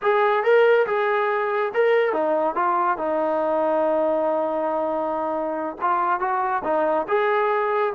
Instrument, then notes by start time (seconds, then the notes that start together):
trombone
0.02 G#4
0.43 A#4
0.86 G#4
1.74 A#4
2.13 D#4
2.55 F4
2.97 D#4
5.81 F4
6.19 F#4
6.64 D#4
7.07 G#4